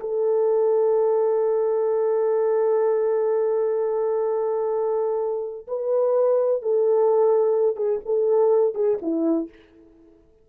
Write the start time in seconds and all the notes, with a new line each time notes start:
0.00 A4
5.67 B4
6.62 A4
7.76 G#4
8.06 A4
8.74 G#4
9.02 E4